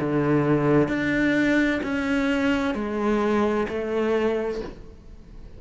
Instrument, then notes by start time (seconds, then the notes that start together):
cello
0.00 D3
0.88 D4
1.83 C#4
2.74 G#3
3.68 A3